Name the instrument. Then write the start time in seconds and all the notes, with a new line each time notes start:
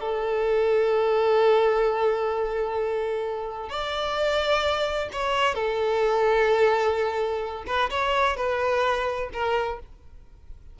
violin
0.00 A4
3.69 D5
5.12 C#5
5.55 A4
7.67 B4
7.90 C#5
8.37 B4
9.33 A#4